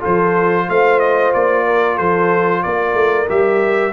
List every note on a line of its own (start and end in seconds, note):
0.00 0.69 F3
0.00 3.26 F4
0.00 0.65 A4
0.00 0.70 C5
0.69 1.34 A3
0.69 1.66 C5
0.69 1.00 F5
1.00 1.32 D#5
1.34 1.99 A#3
1.34 1.98 D5
1.66 1.96 A#4
1.96 2.65 F3
1.96 2.61 A4
1.96 2.63 C5
2.63 2.94 A#3
2.63 3.93 A#4
2.63 3.28 D5
2.94 3.27 A3
3.29 3.93 G3
3.29 3.93 G4
3.29 3.93 E5